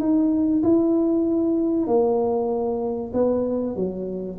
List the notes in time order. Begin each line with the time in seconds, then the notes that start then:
0.00 D#4
0.63 E4
1.87 A#3
3.13 B3
3.76 F#3